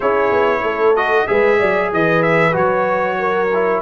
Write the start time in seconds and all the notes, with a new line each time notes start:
0.00 C#4 E4 G#4 C#5
0.31 B3
0.62 A3 A4
0.95 F#4 D#5
1.27 G#3 G#4 B4 E5
1.59 F#3 D5
1.93 E3 B4 D#5
2.22 E5
2.52 F#3 F#4 C#5
3.18 A#4
3.54 E4